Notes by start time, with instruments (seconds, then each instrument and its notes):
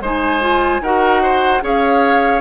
0.00 bassoon G#3, clarinet D#4, oboe C5, flute G#5
0.41 clarinet F4
0.81 bassoon D#4, clarinet F#4, oboe A#4, flute F#5
1.22 oboe C5
1.61 bassoon C#4, clarinet G#4, oboe C#5, flute F5